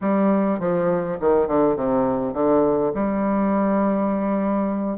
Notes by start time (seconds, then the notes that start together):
0.01 G3
0.59 F3
1.20 D#3
1.47 D3
1.76 C3
2.33 D3
2.94 G3